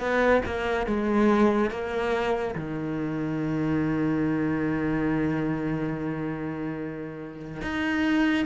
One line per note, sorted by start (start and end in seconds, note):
0.00 0.42 B3
0.46 0.87 A#3
0.87 1.71 G#3
1.71 2.55 A#3
2.56 7.62 D#3
7.62 8.46 D#4